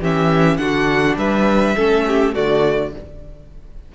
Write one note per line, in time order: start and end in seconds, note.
0.00 0.58 E3
0.00 0.60 C#4
0.00 0.58 G4
0.00 0.57 E5
0.57 1.17 D3
0.57 1.76 D4
0.57 1.18 F#4
0.57 1.16 F#5
1.17 1.76 G3
1.17 1.76 B4
1.17 2.35 E5
1.76 2.36 A3
1.76 2.34 C#4
1.76 2.05 A4
2.08 2.34 G4
2.34 2.95 D3
2.34 2.92 A3
2.34 2.92 F#4
2.34 2.93 D5